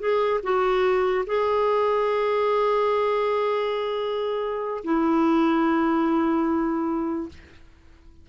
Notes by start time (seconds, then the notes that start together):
0.00 G#4
0.44 F#4
1.27 G#4
4.84 E4